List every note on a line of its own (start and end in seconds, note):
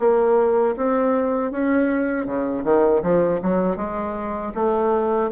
0.00 0.76 A#3
0.77 1.52 C4
1.52 2.26 C#4
2.26 2.64 C#3
2.65 3.03 D#3
3.03 3.41 F3
3.42 3.77 F#3
3.77 4.53 G#3
4.55 5.31 A3